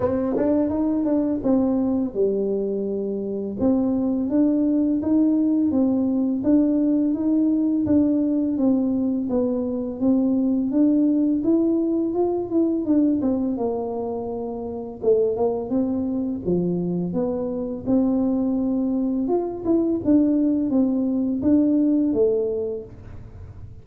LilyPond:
\new Staff \with { instrumentName = "tuba" } { \time 4/4 \tempo 4 = 84 c'8 d'8 dis'8 d'8 c'4 g4~ | g4 c'4 d'4 dis'4 | c'4 d'4 dis'4 d'4 | c'4 b4 c'4 d'4 |
e'4 f'8 e'8 d'8 c'8 ais4~ | ais4 a8 ais8 c'4 f4 | b4 c'2 f'8 e'8 | d'4 c'4 d'4 a4 | }